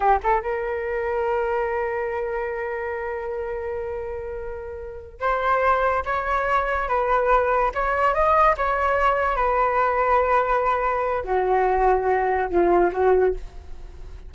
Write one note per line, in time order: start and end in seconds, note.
0.00 0.18 G4
0.23 0.42 A4
0.42 5.20 A#4
5.20 6.03 C5
6.05 6.88 C#5
6.88 7.71 B4
7.74 8.14 C#5
8.14 8.55 D#5
8.57 9.35 C#5
9.35 11.23 B4
11.24 12.49 F#4
12.49 12.91 F4
12.92 13.34 F#4